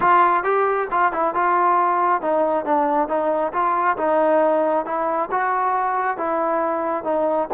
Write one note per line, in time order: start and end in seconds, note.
0.00 0.43 F4
0.43 0.87 G4
0.90 1.12 F4
1.12 1.34 E4
1.34 2.21 F4
2.21 2.65 D#4
2.65 3.08 D4
3.08 3.52 D#4
3.52 3.96 F4
3.97 4.85 D#4
4.85 5.29 E4
5.31 6.17 F#4
6.17 7.04 E4
7.04 7.48 D#4